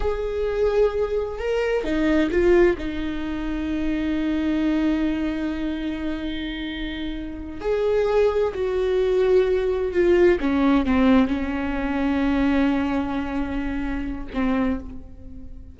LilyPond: \new Staff \with { instrumentName = "viola" } { \time 4/4 \tempo 4 = 130 gis'2. ais'4 | dis'4 f'4 dis'2~ | dis'1~ | dis'1~ |
dis'8 gis'2 fis'4.~ | fis'4. f'4 cis'4 c'8~ | c'8 cis'2.~ cis'8~ | cis'2. c'4 | }